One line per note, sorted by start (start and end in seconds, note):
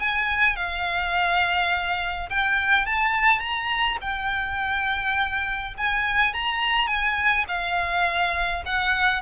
0.00 0.57 G#5
0.57 2.30 F5
2.30 2.87 G5
2.87 3.40 A5
3.40 3.98 A#5
4.02 5.75 G5
5.78 6.34 G#5
6.34 6.88 A#5
6.88 7.45 G#5
7.48 8.64 F5
8.66 9.22 F#5